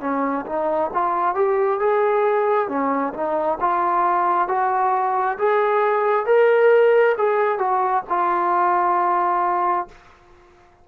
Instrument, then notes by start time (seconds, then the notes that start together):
trombone
0.00 C#4
0.46 D#4
0.93 F4
1.35 G4
1.80 G#4
2.68 C#4
3.13 D#4
3.60 F4
4.48 F#4
5.38 G#4
6.26 A#4
7.18 G#4
7.58 F#4
8.09 F4